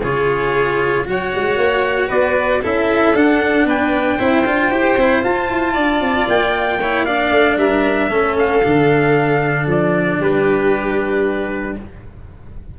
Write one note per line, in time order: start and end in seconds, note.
0.00 1.08 C#3
0.00 1.05 F4
0.00 1.04 G#4
0.00 1.08 C#5
1.05 1.34 F#3
1.05 2.62 F#4
1.05 2.09 C#5
1.05 2.10 F#5
1.35 1.57 G#3
1.57 2.09 A#3
2.09 2.63 B3
2.09 2.61 B4
2.09 2.62 D5
2.62 3.14 C#4
2.62 3.15 E4
2.62 3.67 A4
2.62 3.16 E5
3.14 3.66 D4
3.14 4.19 D4
3.14 3.68 F#5
3.66 4.18 B3
3.66 4.18 B4
3.66 5.24 G5
4.18 4.46 C4
4.18 4.45 E4
4.18 5.74 C5
4.47 4.71 D4
4.47 4.72 F4
4.71 4.97 E4
4.71 4.98 G4
4.97 5.23 C4
4.97 5.23 E4
5.23 6.80 F4
5.23 5.50 F4
5.23 6.29 A5
5.51 5.77 E4
5.74 6.01 D4
5.74 6.78 D5
6.01 6.27 C4
6.28 7.31 A#3
6.28 7.06 G5
6.81 7.07 E4
6.81 7.06 C#5
7.06 8.11 D4
7.06 7.58 D5
7.06 7.58 F5
7.31 7.57 A3
7.57 8.10 G3
7.57 8.10 A#4
7.57 8.37 E5
8.10 8.62 A3
8.10 8.63 C#4
8.10 10.18 A4
8.39 9.69 F5
8.63 9.67 D3
8.63 11.76 D4
9.67 10.19 F3
9.67 10.23 D5
10.18 11.76 G3
10.18 11.75 G4
10.18 11.79 B4